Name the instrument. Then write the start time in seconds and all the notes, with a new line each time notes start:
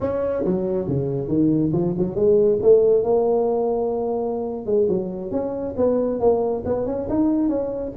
tuba
0.01 C#4
0.44 F#3
0.87 C#3
1.28 D#3
1.73 F3
1.97 F#3
2.15 G#3
2.61 A3
3.03 A#3
4.65 G#3
4.88 F#3
5.31 C#4
5.76 B3
6.20 A#3
6.65 B3
6.86 C#4
7.09 D#4
7.48 C#4